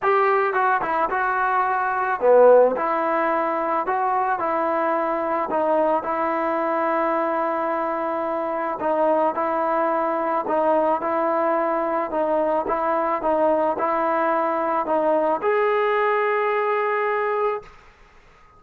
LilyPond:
\new Staff \with { instrumentName = "trombone" } { \time 4/4 \tempo 4 = 109 g'4 fis'8 e'8 fis'2 | b4 e'2 fis'4 | e'2 dis'4 e'4~ | e'1 |
dis'4 e'2 dis'4 | e'2 dis'4 e'4 | dis'4 e'2 dis'4 | gis'1 | }